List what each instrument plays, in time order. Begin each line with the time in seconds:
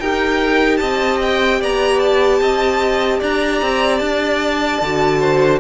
0.00 cello D#4, viola G4, violin A#4 G5
0.77 cello C4, violin D#5 A5
1.22 violin G5
1.60 cello B3, violin D5 A#5
2.00 violin A5
2.41 cello C4, violin D#5
3.19 cello D4, violin D5 A#5
3.62 cello C4
3.99 cello D4, violin A5
4.81 cello D3, viola F#4
5.20 violin C5